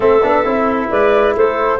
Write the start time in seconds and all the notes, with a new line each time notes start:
0.00 A3 C4 A4 E5
0.22 B3 D4
0.45 C4 E4
0.89 G#3 B4 D5
1.36 A3 A4 C5